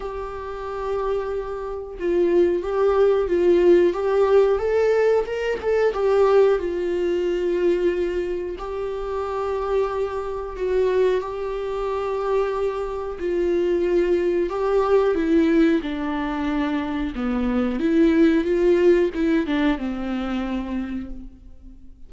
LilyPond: \new Staff \with { instrumentName = "viola" } { \time 4/4 \tempo 4 = 91 g'2. f'4 | g'4 f'4 g'4 a'4 | ais'8 a'8 g'4 f'2~ | f'4 g'2. |
fis'4 g'2. | f'2 g'4 e'4 | d'2 b4 e'4 | f'4 e'8 d'8 c'2 | }